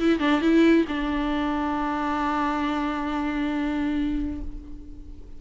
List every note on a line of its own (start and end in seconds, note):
0.00 0.20 E4
0.20 0.42 D4
0.42 0.86 E4
0.88 4.41 D4